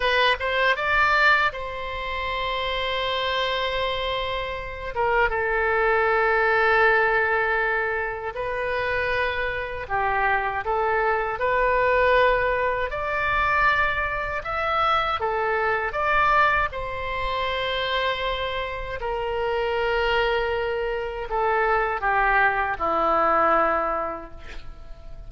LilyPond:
\new Staff \with { instrumentName = "oboe" } { \time 4/4 \tempo 4 = 79 b'8 c''8 d''4 c''2~ | c''2~ c''8 ais'8 a'4~ | a'2. b'4~ | b'4 g'4 a'4 b'4~ |
b'4 d''2 e''4 | a'4 d''4 c''2~ | c''4 ais'2. | a'4 g'4 e'2 | }